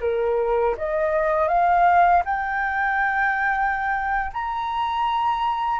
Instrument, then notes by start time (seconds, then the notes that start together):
flute
0.00 A#4
0.77 D#5
1.48 F5
2.25 G5
4.33 A#5